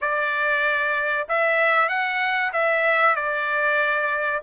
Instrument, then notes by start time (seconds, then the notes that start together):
trumpet
0.01 D5
1.28 E5
1.88 F#5
2.53 E5
3.16 D5